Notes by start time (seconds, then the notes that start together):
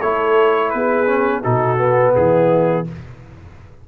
0.00 A3 E4 A4 C#5
0.70 B3 G#4 B4
1.06 C#4
1.41 B2 D#4 F#4 A4
1.78 B3
2.15 E3 E4 G#4